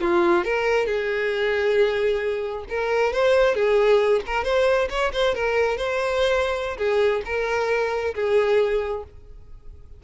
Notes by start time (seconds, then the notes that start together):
0.00 F4
0.44 A#4
0.86 G#4
2.69 A#4
3.13 C5
3.54 G#4
4.26 A#4
4.44 C5
4.89 C#5
5.12 C5
5.34 A#4
5.77 C5
6.77 G#4
7.25 A#4
8.14 G#4